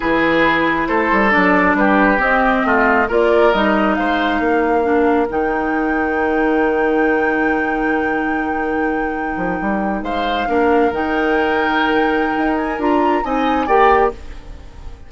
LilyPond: <<
  \new Staff \with { instrumentName = "flute" } { \time 4/4 \tempo 4 = 136 b'2 c''4 d''4 | b'4 dis''2 d''4 | dis''4 f''2. | g''1~ |
g''1~ | g''2~ g''8. f''4~ f''16~ | f''8. g''2.~ g''16~ | g''8 gis''8 ais''4 gis''4 g''4 | }
  \new Staff \with { instrumentName = "oboe" } { \time 4/4 gis'2 a'2 | g'2 f'4 ais'4~ | ais'4 c''4 ais'2~ | ais'1~ |
ais'1~ | ais'2~ ais'8. c''4 ais'16~ | ais'1~ | ais'2 dis''4 d''4 | }
  \new Staff \with { instrumentName = "clarinet" } { \time 4/4 e'2. d'4~ | d'4 c'2 f'4 | dis'2. d'4 | dis'1~ |
dis'1~ | dis'2.~ dis'8. d'16~ | d'8. dis'2.~ dis'16~ | dis'4 f'4 dis'4 g'4 | }
  \new Staff \with { instrumentName = "bassoon" } { \time 4/4 e2 a8 g8 fis4 | g4 c'4 a4 ais4 | g4 gis4 ais2 | dis1~ |
dis1~ | dis4~ dis16 f8 g4 gis4 ais16~ | ais8. dis2.~ dis16 | dis'4 d'4 c'4 ais4 | }
>>